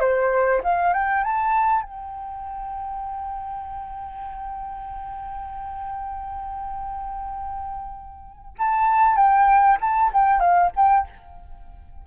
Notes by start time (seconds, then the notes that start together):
0.00 C5
0.64 F5
0.94 G5
1.24 A5
1.82 G5
8.59 A5
9.17 G5
9.81 A5
10.13 G5
10.40 F5
10.76 G5